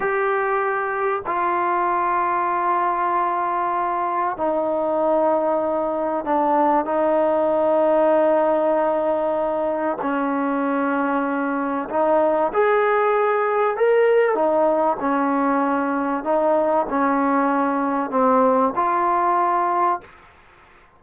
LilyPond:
\new Staff \with { instrumentName = "trombone" } { \time 4/4 \tempo 4 = 96 g'2 f'2~ | f'2. dis'4~ | dis'2 d'4 dis'4~ | dis'1 |
cis'2. dis'4 | gis'2 ais'4 dis'4 | cis'2 dis'4 cis'4~ | cis'4 c'4 f'2 | }